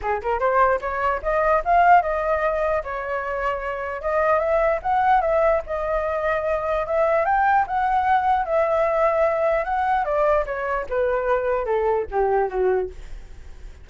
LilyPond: \new Staff \with { instrumentName = "flute" } { \time 4/4 \tempo 4 = 149 gis'8 ais'8 c''4 cis''4 dis''4 | f''4 dis''2 cis''4~ | cis''2 dis''4 e''4 | fis''4 e''4 dis''2~ |
dis''4 e''4 g''4 fis''4~ | fis''4 e''2. | fis''4 d''4 cis''4 b'4~ | b'4 a'4 g'4 fis'4 | }